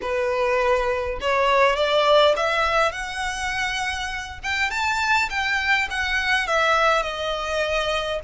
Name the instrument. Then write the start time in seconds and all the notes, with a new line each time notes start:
violin
0.01 B4
1.20 C#5
1.76 D5
2.36 E5
2.91 F#5
4.43 G5
4.70 A5
5.29 G5
5.90 F#5
6.47 E5
7.02 D#5